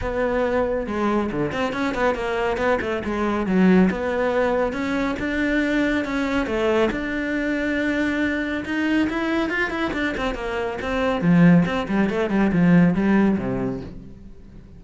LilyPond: \new Staff \with { instrumentName = "cello" } { \time 4/4 \tempo 4 = 139 b2 gis4 d8 c'8 | cis'8 b8 ais4 b8 a8 gis4 | fis4 b2 cis'4 | d'2 cis'4 a4 |
d'1 | dis'4 e'4 f'8 e'8 d'8 c'8 | ais4 c'4 f4 c'8 g8 | a8 g8 f4 g4 c4 | }